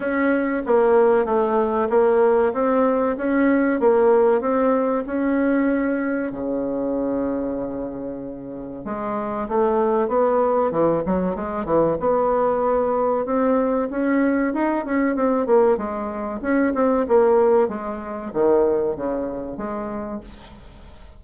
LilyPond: \new Staff \with { instrumentName = "bassoon" } { \time 4/4 \tempo 4 = 95 cis'4 ais4 a4 ais4 | c'4 cis'4 ais4 c'4 | cis'2 cis2~ | cis2 gis4 a4 |
b4 e8 fis8 gis8 e8 b4~ | b4 c'4 cis'4 dis'8 cis'8 | c'8 ais8 gis4 cis'8 c'8 ais4 | gis4 dis4 cis4 gis4 | }